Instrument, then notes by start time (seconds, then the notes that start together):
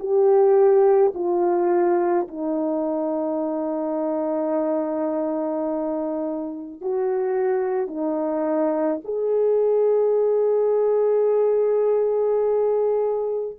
horn
0.00 G4
1.15 F4
2.28 D#4
6.81 F#4
7.88 D#4
9.05 G#4